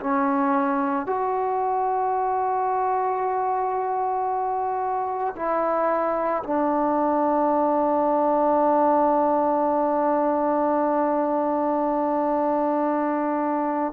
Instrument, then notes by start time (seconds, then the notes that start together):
trombone
0.00 C#4
1.06 F#4
5.36 E4
6.43 D4